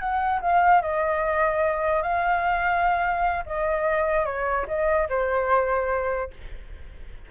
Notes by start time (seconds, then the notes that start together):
0.00 F#5
0.41 F5
0.82 D#5
2.03 F5
3.46 D#5
4.26 C#5
4.68 D#5
5.10 C5